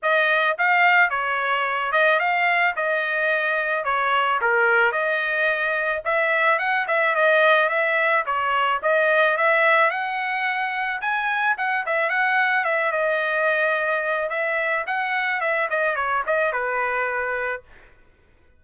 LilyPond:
\new Staff \with { instrumentName = "trumpet" } { \time 4/4 \tempo 4 = 109 dis''4 f''4 cis''4. dis''8 | f''4 dis''2 cis''4 | ais'4 dis''2 e''4 | fis''8 e''8 dis''4 e''4 cis''4 |
dis''4 e''4 fis''2 | gis''4 fis''8 e''8 fis''4 e''8 dis''8~ | dis''2 e''4 fis''4 | e''8 dis''8 cis''8 dis''8 b'2 | }